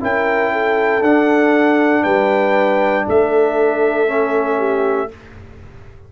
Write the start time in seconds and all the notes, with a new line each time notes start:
0.00 C#4 E4 A#4 G5
0.52 A4
1.02 D4 F#5
2.03 G3 B4 G5
3.06 A3 A4 E5
4.07 C#4
4.58 G4